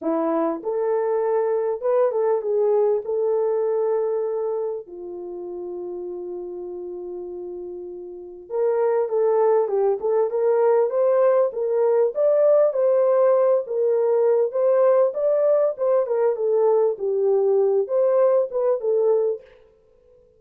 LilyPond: \new Staff \with { instrumentName = "horn" } { \time 4/4 \tempo 4 = 99 e'4 a'2 b'8 a'8 | gis'4 a'2. | f'1~ | f'2 ais'4 a'4 |
g'8 a'8 ais'4 c''4 ais'4 | d''4 c''4. ais'4. | c''4 d''4 c''8 ais'8 a'4 | g'4. c''4 b'8 a'4 | }